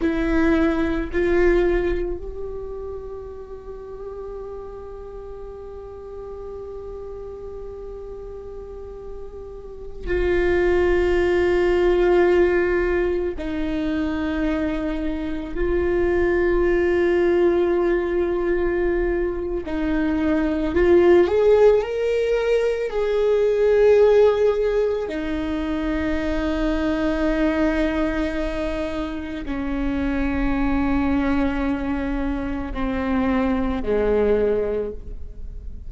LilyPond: \new Staff \with { instrumentName = "viola" } { \time 4/4 \tempo 4 = 55 e'4 f'4 g'2~ | g'1~ | g'4~ g'16 f'2~ f'8.~ | f'16 dis'2 f'4.~ f'16~ |
f'2 dis'4 f'8 gis'8 | ais'4 gis'2 dis'4~ | dis'2. cis'4~ | cis'2 c'4 gis4 | }